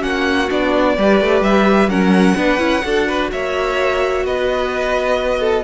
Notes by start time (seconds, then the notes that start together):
0.00 A#3 C#4 F#4 F#5
0.50 B3 D4 D5
0.98 G3 G4 B4
1.21 A3
1.41 G3 E5
1.88 F#3 C#4 A#4 F#5
2.37 B3 D4 B4
2.58 C#4 E4
2.85 D4 F#4 A4
3.08 B4
3.32 A#3 C#5 E5
4.25 B3 B4 D#5
5.40 A4